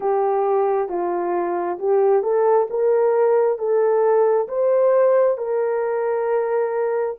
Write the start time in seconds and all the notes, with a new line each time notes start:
0.00 G4
0.88 F4
1.79 G4
2.22 A4
2.70 A#4
3.58 A4
4.48 C5
5.37 A#4